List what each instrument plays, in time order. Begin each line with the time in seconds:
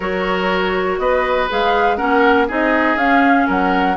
0.00 bassoon F#3, clarinet F#4, oboe A#4, flute C#5
0.98 bassoon B3, oboe B4, flute D#5
1.49 bassoon G#3, clarinet G#4, flute F5
1.96 bassoon A#3, clarinet C#4, oboe A#4, flute F#5
2.47 bassoon C4, clarinet D#4, oboe G#4, flute D#5
2.95 bassoon C#4, clarinet C#4, flute F5
3.46 bassoon F#3, oboe A#4, flute F#5